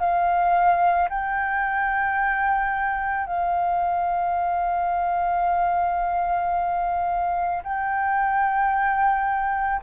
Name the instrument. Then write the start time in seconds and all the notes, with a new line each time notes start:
flute
0.00 F5
1.10 G5
3.27 F5
7.64 G5